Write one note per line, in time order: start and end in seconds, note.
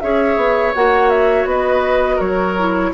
0.00 0.37 C#4
0.00 0.75 G#4
0.00 1.49 C#5
0.00 0.73 E5
0.37 0.73 B3
0.75 1.45 A#3
0.75 2.58 F#4
0.75 1.10 F#5
1.10 1.46 E5
1.45 2.18 B3
1.45 2.16 B4
1.45 2.20 D#5
2.16 2.93 F#3
2.16 2.89 A#4
2.16 2.93 C#5
2.58 2.94 E4